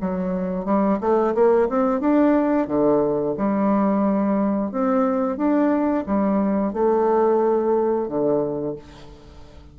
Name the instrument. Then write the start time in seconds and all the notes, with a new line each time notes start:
bassoon
0.00 F#3
0.64 G3
1.00 A3
1.34 A#3
1.69 C4
2.00 D4
2.67 D3
3.37 G3
4.71 C4
5.37 D4
6.06 G3
6.73 A3
8.07 D3